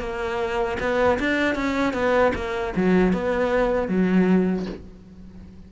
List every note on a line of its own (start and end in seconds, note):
0.00 0.78 A#3
0.80 1.19 B3
1.20 1.55 D4
1.55 1.93 C#4
1.93 2.32 B3
2.35 2.74 A#3
2.76 3.13 F#3
3.13 3.88 B3
3.88 4.66 F#3